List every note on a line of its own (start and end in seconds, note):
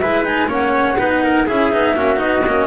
0.00 0.47 G#3
0.00 0.25 E4
0.00 0.48 B4
0.00 0.24 E5
0.24 0.48 D#4
0.24 0.49 G#5
0.47 0.96 A#3
0.47 0.96 C#4
0.47 0.97 C#5
0.47 1.48 F#5
0.98 1.47 B3
0.98 1.47 D#4
0.98 1.23 B4
1.23 1.46 A#4
1.46 1.73 C#4
1.46 1.71 E4
1.46 1.95 G#4
1.46 2.19 E5
1.72 1.95 B3
1.72 1.96 D#4
1.95 2.20 A#3
1.95 2.16 C#4
1.95 2.67 F#4
2.16 2.45 B3
2.16 2.40 D#4
2.16 2.67 D#5
2.46 2.67 A#3
2.46 2.67 C#4